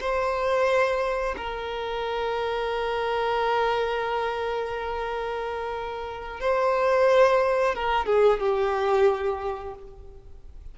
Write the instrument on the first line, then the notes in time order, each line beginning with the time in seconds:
violin
0.00 C5
1.37 A#4
6.40 C5
7.75 A#4
8.06 G#4
8.40 G4